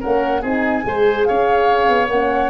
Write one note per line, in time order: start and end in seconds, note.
0.00 0.43 A#3
0.00 0.43 C#4
0.00 0.41 A#4
0.00 0.43 F#5
0.41 0.85 C4
0.41 0.83 D#4
0.41 0.83 G#4
0.41 1.24 G#5
0.83 1.27 G#3
0.83 2.08 G#4
0.83 1.28 C5
1.24 1.89 C#4
1.24 2.50 C#5
1.24 2.08 F5
1.89 2.08 B3
2.08 2.50 A#3
2.08 2.50 C#4
2.08 2.50 F#5